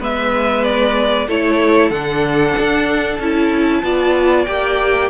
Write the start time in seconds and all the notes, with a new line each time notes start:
0.00 G#3 B3 B4 E5
0.64 D5
1.27 A3 E4 A4 C#5
1.90 D3 D4 F#5
2.59 D4
3.19 C#4 E4 A5
3.83 B3 F4 D5
4.45 A#3 G4 G5